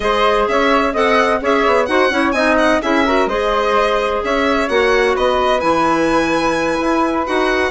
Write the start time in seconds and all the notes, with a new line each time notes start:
0.00 G#3 G#4 C5 D#5
0.48 C#4 C#5 E5
0.93 C4 A4 D#5 F#5
1.41 C#4 G#4 C#5 E5
1.66 B3
1.85 D#4 F#4 C5 F#5
2.09 C#4 E4 C#5
2.31 C4 D#4 D#5 G#5
2.57 F#5
2.81 C#4 E4 G#4 E5
3.05 F#4 A#4
3.26 G#3 G#4 C5 D#5
4.24 C#4 C#5 E5
4.68 A#3 F#4 F#5
5.15 B3 B4 D#5
5.60 E3 E4 G#5
6.80 E4
7.25 D#4 F#4 F#5